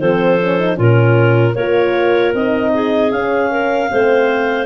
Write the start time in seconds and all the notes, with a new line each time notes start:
0.00 F3 C4 A4 C5
0.40 C#4
0.59 D#4
0.76 A#2 C#4 F4 A#4
1.55 A#3 F4 A#4 C#5
2.35 C4 D#4 D#5
2.74 G#4
3.12 C#4 F5
3.51 A#4
3.89 A3 C4 C5